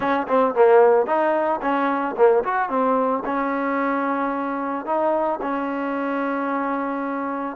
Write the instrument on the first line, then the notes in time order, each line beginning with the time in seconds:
trombone
0.00 C#4
0.27 C4
0.54 A#3
1.06 D#4
1.61 C#4
2.16 A#3
2.43 F#4
2.69 C4
3.25 C#4
4.85 D#4
5.41 C#4